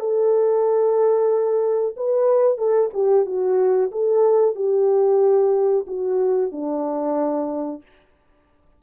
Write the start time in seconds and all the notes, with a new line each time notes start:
0.00 A4
1.97 B4
2.58 A4
2.94 G4
3.26 F#4
3.92 A4
4.56 G4
5.87 F#4
6.52 D4